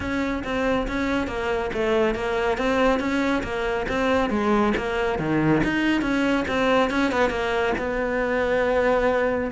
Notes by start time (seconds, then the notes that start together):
0.00 C#4
0.44 C4
0.87 C#4
1.27 A#3
1.73 A3
2.14 A#3
2.57 C4
2.99 C#4
3.43 A#3
3.88 C4
4.30 G#3
4.76 A#3
5.18 D#3
5.63 D#4
6.01 C#4
6.47 C4
6.90 C#4
7.11 B3
7.29 A#3
7.78 B3